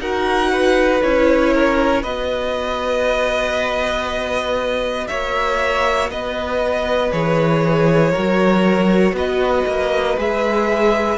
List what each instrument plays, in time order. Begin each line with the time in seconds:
0.00 cello D#4, viola F#4, violin A#4 F#5
0.52 violin B4
1.03 cello C#4, viola E4, violin C#5
1.54 violin A#4
2.03 cello B3, viola F#4, violin B4 D#5
5.08 cello A#3, violin C#5 E5
6.10 cello B3, violin B4 D#5
7.12 cello E3, viola G#4, violin C#5
8.11 viola F#4, violin A#4
8.18 cello F#3
9.13 cello B3, violin B4 D#5
9.68 cello A#3
10.17 cello G#3, viola G#4, violin E5